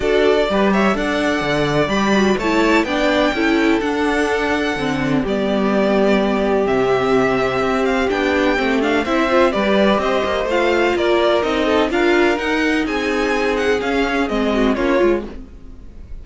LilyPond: <<
  \new Staff \with { instrumentName = "violin" } { \time 4/4 \tempo 4 = 126 d''4. e''8 fis''2 | b''4 a''4 g''2 | fis''2. d''4~ | d''2 e''2~ |
e''8 f''8 g''4. f''8 e''4 | d''4 dis''4 f''4 d''4 | dis''4 f''4 fis''4 gis''4~ | gis''8 fis''8 f''4 dis''4 cis''4 | }
  \new Staff \with { instrumentName = "violin" } { \time 4/4 a'4 b'8 cis''8 d''2~ | d''4 cis''4 d''4 a'4~ | a'2. g'4~ | g'1~ |
g'2. c''4 | b'4 c''2 ais'4~ | ais'8 a'8 ais'2 gis'4~ | gis'2~ gis'8 fis'8 f'4 | }
  \new Staff \with { instrumentName = "viola" } { \time 4/4 fis'4 g'4 a'2 | g'8 fis'8 e'4 d'4 e'4 | d'2 c'4 b4~ | b2 c'2~ |
c'4 d'4 c'8 d'8 e'8 f'8 | g'2 f'2 | dis'4 f'4 dis'2~ | dis'4 cis'4 c'4 cis'8 f'8 | }
  \new Staff \with { instrumentName = "cello" } { \time 4/4 d'4 g4 d'4 d4 | g4 a4 b4 cis'4 | d'2 d4 g4~ | g2 c2 |
c'4 b4 a4 c'4 | g4 c'8 ais8 a4 ais4 | c'4 d'4 dis'4 c'4~ | c'4 cis'4 gis4 ais8 gis8 | }
>>